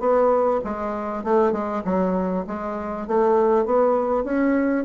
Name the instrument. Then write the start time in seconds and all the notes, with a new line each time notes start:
bassoon
0.00 B3
0.64 G#3
1.24 A3
1.52 G#3
1.85 F#3
2.47 G#3
3.07 A3
3.66 B3
4.25 C#4